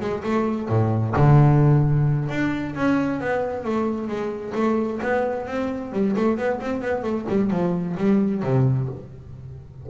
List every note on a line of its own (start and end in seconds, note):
0.00 0.23 G#3
0.23 0.68 A3
0.68 1.14 A2
1.16 2.29 D3
2.29 2.74 D4
2.75 3.20 C#4
3.20 3.64 B3
3.64 4.07 A3
4.07 4.53 G#3
4.54 4.99 A3
5.02 5.46 B3
5.46 5.92 C4
5.92 6.15 G3
6.16 6.37 A3
6.37 6.60 B3
6.60 6.81 C4
6.81 7.02 B3
7.02 7.25 A3
7.29 7.50 G3
7.50 7.95 F3
7.97 8.42 G3
8.42 8.88 C3